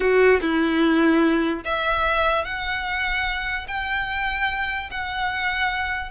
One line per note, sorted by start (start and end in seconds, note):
0.00 0.40 F#4
0.41 1.64 E4
1.64 2.44 E5
2.44 3.66 F#5
3.67 4.90 G5
4.90 6.10 F#5